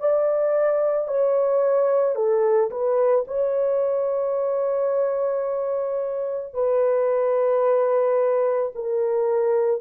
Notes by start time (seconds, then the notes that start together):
0.00 D5
1.08 C#5
2.16 A4
2.71 B4
3.28 C#5
6.55 B4
8.76 A#4